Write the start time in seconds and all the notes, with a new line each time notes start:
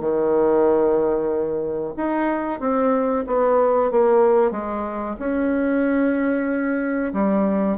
0.00 D#3
1.96 D#4
2.60 C4
3.26 B3
3.91 A#3
4.51 G#3
5.19 C#4
7.13 G3